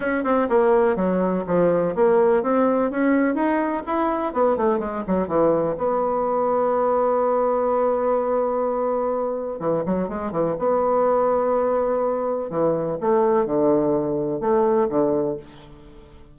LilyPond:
\new Staff \with { instrumentName = "bassoon" } { \time 4/4 \tempo 4 = 125 cis'8 c'8 ais4 fis4 f4 | ais4 c'4 cis'4 dis'4 | e'4 b8 a8 gis8 fis8 e4 | b1~ |
b1 | e8 fis8 gis8 e8 b2~ | b2 e4 a4 | d2 a4 d4 | }